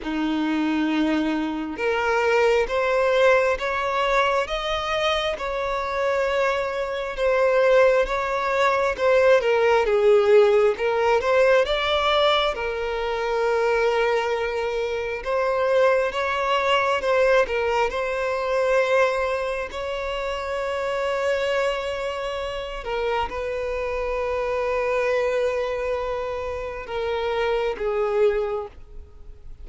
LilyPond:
\new Staff \with { instrumentName = "violin" } { \time 4/4 \tempo 4 = 67 dis'2 ais'4 c''4 | cis''4 dis''4 cis''2 | c''4 cis''4 c''8 ais'8 gis'4 | ais'8 c''8 d''4 ais'2~ |
ais'4 c''4 cis''4 c''8 ais'8 | c''2 cis''2~ | cis''4. ais'8 b'2~ | b'2 ais'4 gis'4 | }